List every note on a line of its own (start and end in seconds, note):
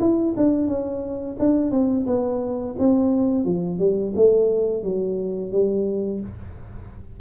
0.00 0.34 E4
0.37 0.68 D4
0.68 1.37 C#4
1.39 1.71 D4
1.71 2.06 C4
2.07 2.76 B3
2.79 3.45 C4
3.45 3.79 F3
3.79 4.13 G3
4.15 4.83 A3
4.83 5.52 F#3
5.52 6.21 G3